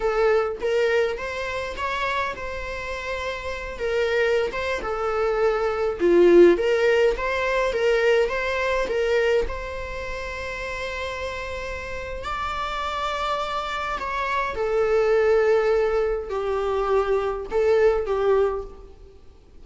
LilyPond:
\new Staff \with { instrumentName = "viola" } { \time 4/4 \tempo 4 = 103 a'4 ais'4 c''4 cis''4 | c''2~ c''8 ais'4~ ais'16 c''16~ | c''16 a'2 f'4 ais'8.~ | ais'16 c''4 ais'4 c''4 ais'8.~ |
ais'16 c''2.~ c''8.~ | c''4 d''2. | cis''4 a'2. | g'2 a'4 g'4 | }